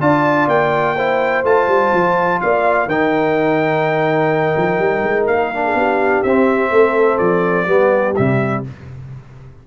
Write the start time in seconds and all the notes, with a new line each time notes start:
0.00 D4 F4 D5 A5
0.48 A#3 G5
0.96 E4 C5
1.43 A3 F4 A5
1.67 G3
1.93 F3
2.41 A#3 D5 F5
2.86 D#3 D#4 A#4 G5
4.57 F3
4.79 G3
5.03 G#3
5.26 A#3 F5
5.54 D4
5.65 G#4
5.74 B3 G4
6.22 C4 E5
6.71 A3 A4
7.18 F3 D5
7.67 G3 B3 G4
8.15 C3 G3 E5